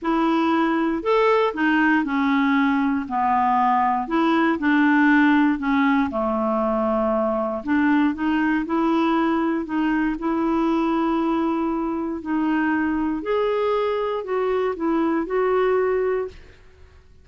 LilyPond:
\new Staff \with { instrumentName = "clarinet" } { \time 4/4 \tempo 4 = 118 e'2 a'4 dis'4 | cis'2 b2 | e'4 d'2 cis'4 | a2. d'4 |
dis'4 e'2 dis'4 | e'1 | dis'2 gis'2 | fis'4 e'4 fis'2 | }